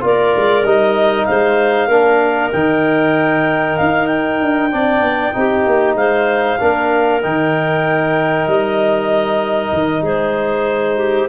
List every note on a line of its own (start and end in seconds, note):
0.00 0.34 A#3
0.00 0.62 F4
0.00 1.27 A#4
0.00 0.66 D5
0.36 0.63 G#3
0.63 1.25 G3
0.63 1.90 D#4
0.63 1.25 D#5
1.25 1.88 G#3
1.25 1.87 C5
1.25 2.50 F5
1.87 2.50 A#3
1.87 2.52 D4
1.87 4.69 A#4
2.52 3.78 D#3
2.52 4.71 D#4
2.52 3.76 G5
3.76 4.42 D#4
3.76 4.06 F5
4.06 5.94 G5
4.42 4.73 D4
4.71 5.01 C4
4.71 5.33 D4
4.71 5.34 D5
5.01 5.32 B3
5.33 5.66 C4
5.33 6.58 D#4
5.33 5.96 G4
5.66 5.94 A#3
5.94 6.57 G#3
5.94 6.58 C5
5.94 7.21 F5
6.59 7.24 A#3
6.59 7.21 D4
6.59 10.02 A#4
7.22 8.47 D#3
7.22 11.29 D#4
7.22 8.47 G5
8.47 9.72 G3
8.47 10.04 D#5
9.72 10.02 D#3
10.02 11.27 G#3
10.02 10.96 G#4
10.02 11.29 C5
10.96 11.27 G4